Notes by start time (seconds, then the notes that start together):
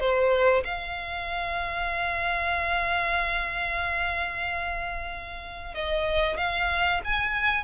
0.00 C5
0.65 F5
5.75 D#5
6.37 F5
7.05 G#5